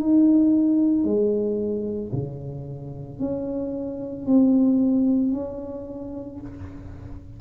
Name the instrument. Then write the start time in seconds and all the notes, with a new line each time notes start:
tuba
0.00 D#4
1.04 G#3
2.12 C#3
3.19 C#4
4.26 C4
5.33 C#4